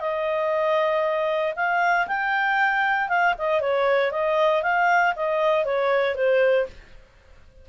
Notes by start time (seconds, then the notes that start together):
0.00 D#5
1.56 F5
2.07 G5
3.09 F5
3.38 D#5
3.61 C#5
4.12 D#5
4.63 F5
5.16 D#5
5.65 C#5
6.15 C5